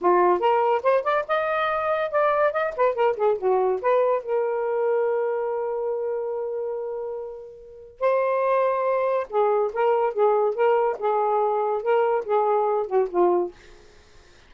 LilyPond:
\new Staff \with { instrumentName = "saxophone" } { \time 4/4 \tempo 4 = 142 f'4 ais'4 c''8 d''8 dis''4~ | dis''4 d''4 dis''8 b'8 ais'8 gis'8 | fis'4 b'4 ais'2~ | ais'1~ |
ais'2. c''4~ | c''2 gis'4 ais'4 | gis'4 ais'4 gis'2 | ais'4 gis'4. fis'8 f'4 | }